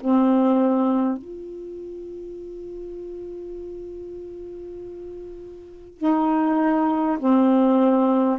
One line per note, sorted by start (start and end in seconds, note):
0.00 1.18 C4
1.18 5.98 F4
5.98 7.18 D#4
7.19 8.39 C4